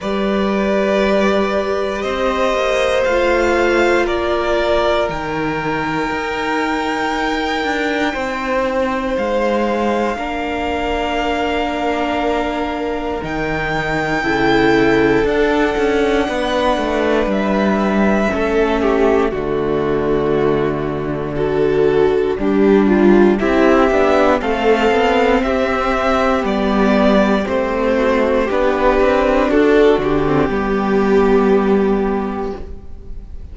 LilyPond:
<<
  \new Staff \with { instrumentName = "violin" } { \time 4/4 \tempo 4 = 59 d''2 dis''4 f''4 | d''4 g''2.~ | g''4 f''2.~ | f''4 g''2 fis''4~ |
fis''4 e''2 d''4~ | d''2. e''4 | f''4 e''4 d''4 c''4 | b'4 a'8 g'2~ g'8 | }
  \new Staff \with { instrumentName = "violin" } { \time 4/4 b'2 c''2 | ais'1 | c''2 ais'2~ | ais'2 a'2 |
b'2 a'8 g'8 fis'4~ | fis'4 a'4 d'4 g'4 | a'4 g'2~ g'8 fis'8 | g'4 fis'4 g'2 | }
  \new Staff \with { instrumentName = "viola" } { \time 4/4 g'2. f'4~ | f'4 dis'2.~ | dis'2 d'2~ | d'4 dis'4 e'4 d'4~ |
d'2 cis'4 a4~ | a4 fis'4 g'8 f'8 e'8 d'8 | c'2 b4 c'4 | d'4.~ d'16 c'16 b2 | }
  \new Staff \with { instrumentName = "cello" } { \time 4/4 g2 c'8 ais8 a4 | ais4 dis4 dis'4. d'8 | c'4 gis4 ais2~ | ais4 dis4 cis4 d'8 cis'8 |
b8 a8 g4 a4 d4~ | d2 g4 c'8 b8 | a8 b8 c'4 g4 a4 | b8 c'8 d'8 d8 g2 | }
>>